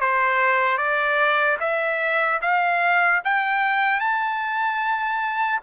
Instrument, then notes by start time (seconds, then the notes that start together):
trumpet
0.00 C5
0.77 D5
1.60 E5
2.41 F5
3.24 G5
4.00 A5